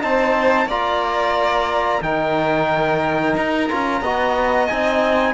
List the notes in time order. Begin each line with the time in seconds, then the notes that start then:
0.00 C4 D#4 C5 A5
0.66 A#3 F4 D5 A#5
2.01 D#3 D#4 A#4 G5
3.36 D#4 A#5
3.69 C#4 F4
4.01 B3 F#4 D#5
4.67 C4 D#4 G#5